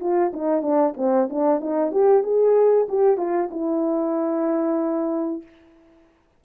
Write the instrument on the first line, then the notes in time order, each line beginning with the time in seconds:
horn
0.00 F4
0.33 D#4
0.62 D4
0.97 C4
1.30 D4
1.60 D#4
1.91 G4
2.23 G#4
2.89 G4
3.17 F4
3.51 E4